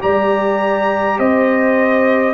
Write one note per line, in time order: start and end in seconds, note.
0.00 1.19 G3
0.00 2.34 G4
0.00 1.19 D5
0.00 1.19 A#5
1.19 2.34 C4
1.19 2.34 C5
1.19 2.34 D#5